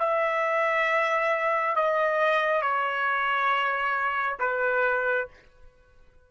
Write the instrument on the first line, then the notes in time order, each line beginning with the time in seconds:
trumpet
0.00 E5
1.76 D#5
2.62 C#5
4.40 B4